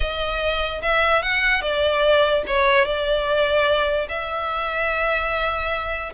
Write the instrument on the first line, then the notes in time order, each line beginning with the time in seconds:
violin
0.00 D#5
0.82 E5
1.22 F#5
1.61 D5
2.46 C#5
2.85 D5
4.09 E5